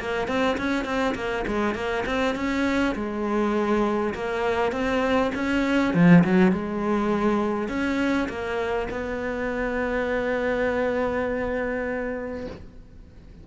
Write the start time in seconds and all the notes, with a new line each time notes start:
0.00 A#3
0.28 C4
0.58 C#4
0.85 C4
1.15 A#3
1.47 G#3
1.75 A#3
2.06 C4
2.35 C#4
2.95 G#3
4.14 A#3
4.72 C4
5.35 C#4
5.94 F3
6.24 F#3
6.52 G#3
7.68 C#4
8.29 A#3
8.90 B3